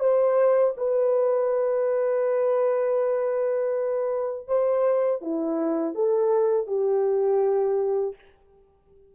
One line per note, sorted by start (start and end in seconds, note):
0.00 0.74 C5
0.77 4.47 B4
4.47 5.22 C5
5.22 5.95 E4
5.95 6.67 A4
6.67 8.15 G4